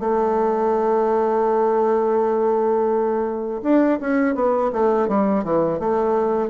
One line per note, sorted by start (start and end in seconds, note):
0.00 3.61 A3
3.63 3.99 D4
4.01 4.35 C#4
4.35 4.71 B3
4.73 5.08 A3
5.08 5.44 G3
5.44 5.79 E3
5.79 6.50 A3